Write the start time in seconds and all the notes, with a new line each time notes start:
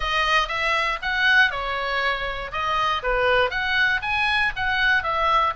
0.00 D#5
0.48 E5
1.02 F#5
1.50 C#5
2.52 D#5
3.03 B4
3.50 F#5
4.02 G#5
4.55 F#5
5.03 E5